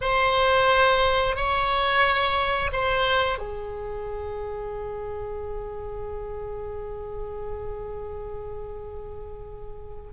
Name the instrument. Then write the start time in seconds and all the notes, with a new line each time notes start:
oboe
0.01 C5
1.35 C#5
2.72 C5
3.38 G#4